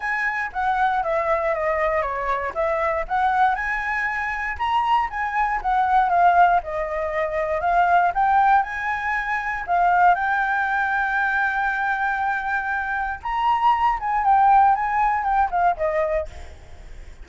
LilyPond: \new Staff \with { instrumentName = "flute" } { \time 4/4 \tempo 4 = 118 gis''4 fis''4 e''4 dis''4 | cis''4 e''4 fis''4 gis''4~ | gis''4 ais''4 gis''4 fis''4 | f''4 dis''2 f''4 |
g''4 gis''2 f''4 | g''1~ | g''2 ais''4. gis''8 | g''4 gis''4 g''8 f''8 dis''4 | }